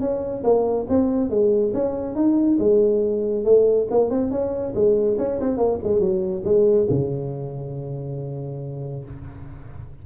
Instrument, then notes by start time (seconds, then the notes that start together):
tuba
0.00 C#4
0.44 A#3
0.89 C4
1.30 G#3
1.74 C#4
2.15 D#4
2.59 G#3
3.45 A3
3.90 A#3
4.10 C4
4.31 C#4
4.75 G#3
5.18 C#4
5.40 C4
5.57 A#3
5.83 G#3
6.00 F#3
6.45 G#3
6.90 C#3